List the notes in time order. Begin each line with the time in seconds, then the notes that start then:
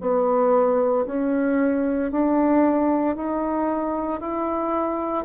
0.00 B3
1.06 C#4
2.11 D4
3.15 D#4
4.20 E4